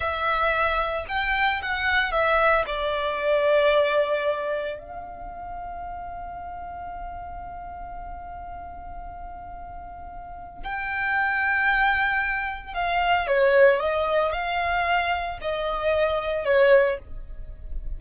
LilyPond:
\new Staff \with { instrumentName = "violin" } { \time 4/4 \tempo 4 = 113 e''2 g''4 fis''4 | e''4 d''2.~ | d''4 f''2.~ | f''1~ |
f''1 | g''1 | f''4 cis''4 dis''4 f''4~ | f''4 dis''2 cis''4 | }